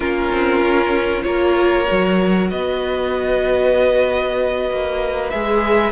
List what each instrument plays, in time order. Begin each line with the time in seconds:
0.00 cello A#3, viola C#4, violin F4 A#4
0.32 cello C4
0.61 cello C#4
1.22 cello A#3, viola F4, violin A#4 C#5
1.87 cello F#3, viola F#4
2.50 cello B3, violin B4 D#5
4.70 cello A#3
5.29 cello G#3, viola G#4, violin E5